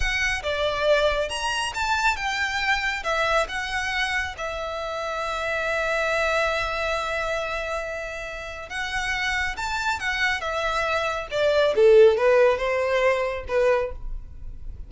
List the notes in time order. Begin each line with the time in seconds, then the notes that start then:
0.00 F#5
0.42 D5
1.29 A#5
1.74 A5
2.16 G5
3.03 E5
3.48 F#5
4.37 E5
8.69 F#5
9.56 A5
9.99 F#5
10.40 E5
11.30 D5
11.75 A4
12.17 B4
12.57 C5
13.48 B4